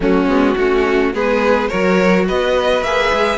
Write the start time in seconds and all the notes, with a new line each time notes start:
0.00 F#3 A3 C#4 F#4
0.26 G#3 B3
0.56 A3 C#4 F#4
1.13 G#3 B3 G#4 B4
1.68 F#3 F#4 A#4 C#5
2.27 B3 B4 D#5
2.82 A#3 G#4 E5
3.13 G#3